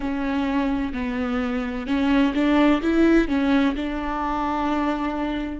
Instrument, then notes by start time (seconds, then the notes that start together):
viola
0.00 C#4
0.93 B3
1.87 C#4
2.34 D4
2.81 E4
3.28 C#4
3.75 D4